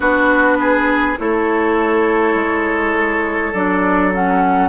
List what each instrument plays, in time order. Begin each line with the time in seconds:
0.00 bassoon B3, clarinet D4, oboe F#4, flute B4
0.60 oboe G#4
1.17 bassoon A3, clarinet E4, oboe A4, flute C#5
2.35 bassoon G#3
3.53 bassoon F#3, clarinet D4, flute D5
4.13 clarinet C#4, flute F#5